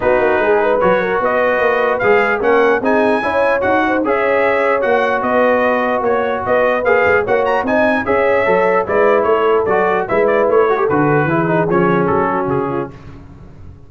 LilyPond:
<<
  \new Staff \with { instrumentName = "trumpet" } { \time 4/4 \tempo 4 = 149 b'2 cis''4 dis''4~ | dis''4 f''4 fis''4 gis''4~ | gis''4 fis''4 e''2 | fis''4 dis''2 cis''4 |
dis''4 f''4 fis''8 ais''8 gis''4 | e''2 d''4 cis''4 | d''4 e''8 d''8 cis''4 b'4~ | b'4 cis''4 a'4 gis'4 | }
  \new Staff \with { instrumentName = "horn" } { \time 4/4 fis'4 gis'8 b'4 ais'8 b'4~ | b'2 ais'4 gis'4 | cis''4. c''8 cis''2~ | cis''4 b'2 cis''4 |
b'2 cis''4 dis''4 | cis''2 b'4 a'4~ | a'4 b'4. a'4. | gis'2~ gis'8 fis'4 f'8 | }
  \new Staff \with { instrumentName = "trombone" } { \time 4/4 dis'2 fis'2~ | fis'4 gis'4 cis'4 dis'4 | e'4 fis'4 gis'2 | fis'1~ |
fis'4 gis'4 fis'4 dis'4 | gis'4 a'4 e'2 | fis'4 e'4. fis'16 g'16 fis'4 | e'8 dis'8 cis'2. | }
  \new Staff \with { instrumentName = "tuba" } { \time 4/4 b8 ais8 gis4 fis4 b4 | ais4 gis4 ais4 c'4 | cis'4 dis'4 cis'2 | ais4 b2 ais4 |
b4 ais8 gis8 ais4 c'4 | cis'4 fis4 gis4 a4 | fis4 gis4 a4 d4 | e4 f4 fis4 cis4 | }
>>